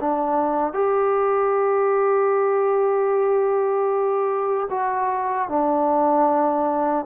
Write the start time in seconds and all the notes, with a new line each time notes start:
0.00 D4
0.73 G4
4.70 F#4
5.48 D4